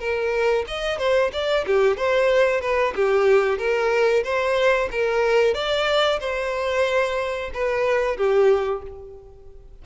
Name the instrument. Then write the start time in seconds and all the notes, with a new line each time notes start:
violin
0.00 A#4
0.68 D#5
0.98 C5
1.33 D5
1.67 G4
1.97 C5
2.61 B4
2.96 G4
3.58 A#4
4.24 C5
4.92 A#4
5.54 D5
6.20 C5
7.54 B4
8.17 G4